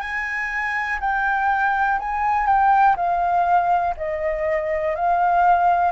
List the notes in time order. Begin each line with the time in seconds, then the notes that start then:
0.00 G#5
1.00 G5
1.99 G#5
2.46 G5
2.96 F5
3.97 D#5
4.95 F5